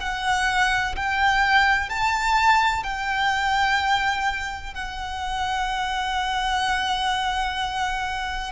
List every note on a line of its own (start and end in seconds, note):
0.00 0.95 F#5
0.96 1.90 G5
1.90 2.84 A5
2.84 4.74 G5
4.74 8.52 F#5